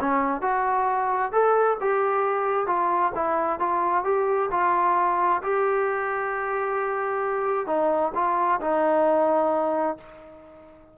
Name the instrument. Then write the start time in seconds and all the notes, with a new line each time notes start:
trombone
0.00 C#4
0.41 F#4
1.32 A4
1.81 G4
2.67 F4
3.15 E4
3.60 F4
4.04 G4
4.51 F4
5.43 G4
7.67 D#4
8.15 F4
8.61 D#4